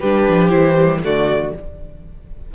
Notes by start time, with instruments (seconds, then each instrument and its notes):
0.00 cello G3, viola D4, violin G4 B4
0.29 cello F3
0.50 cello E3, viola E4, violin C5
0.78 viola G3
1.03 cello D3, viola A3, violin F#4 D5